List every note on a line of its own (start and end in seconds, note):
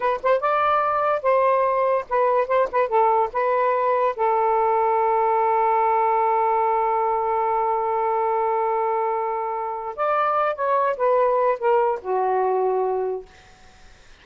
0.00 0.20 B4
0.23 0.40 C5
0.40 1.22 D5
1.22 2.05 C5
2.09 2.47 B4
2.47 2.68 C5
2.71 2.88 B4
2.88 3.29 A4
3.33 4.15 B4
4.16 9.95 A4
9.96 10.55 D5
10.55 10.96 C#5
10.97 11.58 B4
11.58 12.00 A#4
12.01 13.25 F#4